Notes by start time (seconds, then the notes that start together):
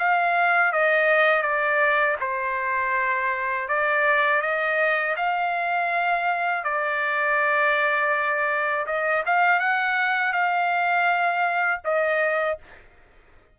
0.00 F5
0.73 D#5
1.43 D5
2.21 C5
3.69 D5
4.42 D#5
5.17 F5
6.64 D5
8.87 D#5
9.27 F5
9.60 F#5
10.33 F5
11.85 D#5